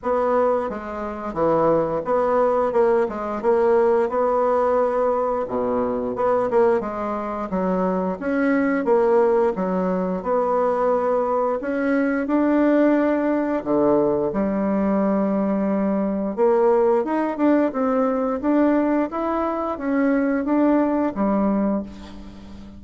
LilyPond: \new Staff \with { instrumentName = "bassoon" } { \time 4/4 \tempo 4 = 88 b4 gis4 e4 b4 | ais8 gis8 ais4 b2 | b,4 b8 ais8 gis4 fis4 | cis'4 ais4 fis4 b4~ |
b4 cis'4 d'2 | d4 g2. | ais4 dis'8 d'8 c'4 d'4 | e'4 cis'4 d'4 g4 | }